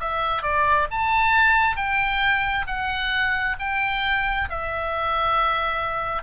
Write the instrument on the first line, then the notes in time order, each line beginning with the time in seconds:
oboe
0.00 E5
0.42 D5
0.91 A5
1.77 G5
2.67 F#5
3.59 G5
4.50 E5